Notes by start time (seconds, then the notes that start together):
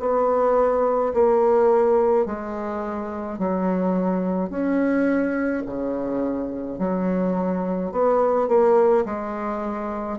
0.00 B3
1.14 A#3
2.26 G#3
3.39 F#3
4.50 C#4
5.67 C#3
6.79 F#3
7.92 B3
8.49 A#3
9.06 G#3